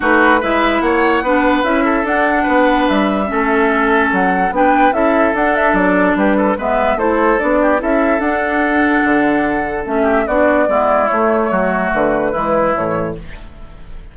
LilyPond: <<
  \new Staff \with { instrumentName = "flute" } { \time 4/4 \tempo 4 = 146 b'4 e''4 fis''2 | e''4 fis''2 e''4~ | e''2 fis''4 g''4 | e''4 fis''8 e''8 d''4 b'4 |
e''4 c''4 d''4 e''4 | fis''1 | e''4 d''2 cis''4~ | cis''4 b'2 cis''4 | }
  \new Staff \with { instrumentName = "oboe" } { \time 4/4 fis'4 b'4 cis''4 b'4~ | b'8 a'4. b'2 | a'2. b'4 | a'2. g'8 a'8 |
b'4 a'4. g'8 a'4~ | a'1~ | a'8 g'8 fis'4 e'2 | fis'2 e'2 | }
  \new Staff \with { instrumentName = "clarinet" } { \time 4/4 dis'4 e'2 d'4 | e'4 d'2. | cis'2. d'4 | e'4 d'2. |
b4 e'4 d'4 e'4 | d'1 | cis'4 d'4 b4 a4~ | a2 gis4 e4 | }
  \new Staff \with { instrumentName = "bassoon" } { \time 4/4 a4 gis4 ais4 b4 | cis'4 d'4 b4 g4 | a2 fis4 b4 | cis'4 d'4 fis4 g4 |
gis4 a4 b4 cis'4 | d'2 d2 | a4 b4 gis4 a4 | fis4 d4 e4 a,4 | }
>>